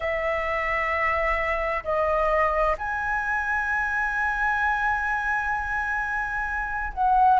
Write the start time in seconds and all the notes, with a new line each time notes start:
0.00 E5
1.83 D#5
2.77 G#5
6.93 F#5